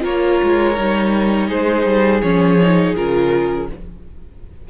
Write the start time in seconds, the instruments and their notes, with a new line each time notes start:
0.00 cello A#3, viola F4, violin A#4 C#5
0.43 cello G#3
0.76 cello G3, viola D#4
1.47 cello G#3, violin G#4 C5
1.85 cello G3
2.21 cello F3, viola C#4, violin C#5
2.61 viola D#4
2.95 cello C#3, viola F4, violin A#4